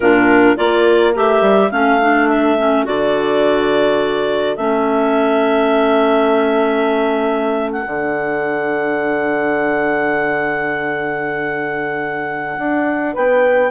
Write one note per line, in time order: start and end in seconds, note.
0.00 0.55 A#2
0.00 0.56 D4
0.00 0.58 F4
0.00 0.57 A#4
0.56 1.15 A#3
0.56 1.13 F4
0.56 1.71 A#4
0.56 1.14 D5
1.15 1.41 A3
1.15 1.71 G4
1.15 1.71 E5
1.41 1.69 G3
1.71 2.85 A3
1.71 1.99 C#4
1.71 13.13 A4
1.71 2.28 F5
2.01 2.58 D4
2.28 2.85 E5
2.58 2.84 C#4
2.84 4.57 D3
2.84 4.56 F#4
2.84 4.56 D5
4.56 7.85 A3
4.56 7.85 C#4
4.56 7.70 E5
7.72 13.15 F#5
7.85 12.57 D3
7.85 13.70 D4
12.58 13.15 D4
13.13 13.70 B3
13.13 13.70 B4
13.13 13.70 G5